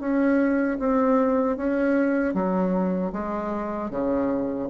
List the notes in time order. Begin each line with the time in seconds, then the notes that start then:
0.00 C#4
0.79 C4
1.57 C#4
2.34 F#3
3.13 G#3
3.90 C#3